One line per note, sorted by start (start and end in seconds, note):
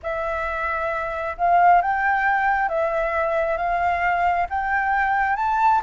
0.02 1.37 E5
1.37 1.82 F5
1.82 2.68 G5
2.68 3.57 E5
3.57 4.47 F5
4.49 5.36 G5
5.36 5.81 A5